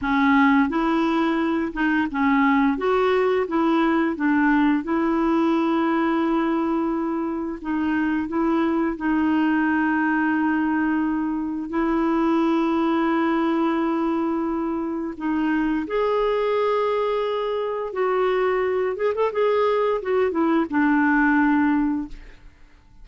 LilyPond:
\new Staff \with { instrumentName = "clarinet" } { \time 4/4 \tempo 4 = 87 cis'4 e'4. dis'8 cis'4 | fis'4 e'4 d'4 e'4~ | e'2. dis'4 | e'4 dis'2.~ |
dis'4 e'2.~ | e'2 dis'4 gis'4~ | gis'2 fis'4. gis'16 a'16 | gis'4 fis'8 e'8 d'2 | }